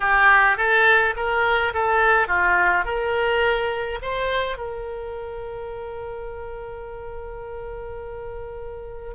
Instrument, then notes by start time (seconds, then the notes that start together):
oboe
0.00 G4
0.57 A4
1.16 A#4
1.73 A4
2.27 F4
2.84 A#4
4.02 C5
4.57 A#4